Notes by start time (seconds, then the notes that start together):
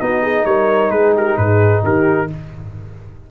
0.00 B3 D#4 F#4 D#5
0.23 G#4
0.45 G3 A#4 C#5
0.90 G#3 G#4 B4
1.16 G4 A#4
1.37 G#2 G#4 B4
1.84 D#3 G4 A#4